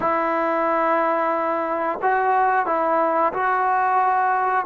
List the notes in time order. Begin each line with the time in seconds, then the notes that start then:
0.00 E4
2.02 F#4
2.65 E4
3.33 F#4